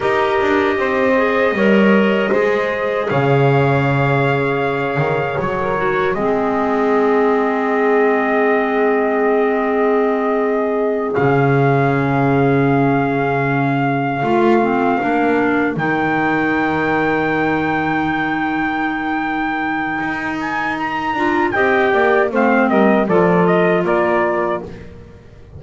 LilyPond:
<<
  \new Staff \with { instrumentName = "trumpet" } { \time 4/4 \tempo 4 = 78 dis''1 | f''2. cis''4 | dis''1~ | dis''2~ dis''8 f''4.~ |
f''1~ | f''8 g''2.~ g''8~ | g''2~ g''8 gis''8 ais''4 | g''4 f''8 dis''8 d''8 dis''8 d''4 | }
  \new Staff \with { instrumentName = "saxophone" } { \time 4/4 ais'4 c''4 cis''4 c''4 | cis''2.~ cis''16 ais'8. | gis'1~ | gis'1~ |
gis'2~ gis'8 f'4 ais'8~ | ais'1~ | ais'1 | dis''8 d''8 c''8 ais'8 a'4 ais'4 | }
  \new Staff \with { instrumentName = "clarinet" } { \time 4/4 g'4. gis'8 ais'4 gis'4~ | gis'2.~ gis'8 fis'8 | c'1~ | c'2~ c'8 cis'4.~ |
cis'2~ cis'8 f'8 c'8 d'8~ | d'8 dis'2.~ dis'8~ | dis'2.~ dis'8 f'8 | g'4 c'4 f'2 | }
  \new Staff \with { instrumentName = "double bass" } { \time 4/4 dis'8 d'8 c'4 g4 gis4 | cis2~ cis8 dis8 fis4 | gis1~ | gis2~ gis8 cis4.~ |
cis2~ cis8 a4 ais8~ | ais8 dis2.~ dis8~ | dis2 dis'4. d'8 | c'8 ais8 a8 g8 f4 ais4 | }
>>